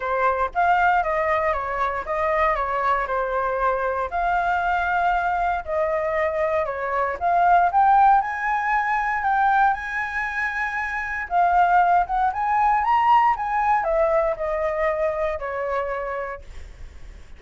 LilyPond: \new Staff \with { instrumentName = "flute" } { \time 4/4 \tempo 4 = 117 c''4 f''4 dis''4 cis''4 | dis''4 cis''4 c''2 | f''2. dis''4~ | dis''4 cis''4 f''4 g''4 |
gis''2 g''4 gis''4~ | gis''2 f''4. fis''8 | gis''4 ais''4 gis''4 e''4 | dis''2 cis''2 | }